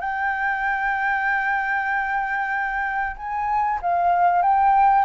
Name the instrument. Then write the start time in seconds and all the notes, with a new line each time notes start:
flute
0.00 G5
3.17 G#5
3.82 F5
4.42 G5